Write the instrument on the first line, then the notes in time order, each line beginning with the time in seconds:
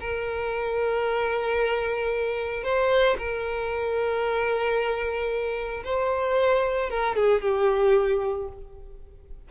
violin
0.00 A#4
2.64 C5
3.18 A#4
5.84 C5
6.90 A#4
7.15 G#4
7.41 G4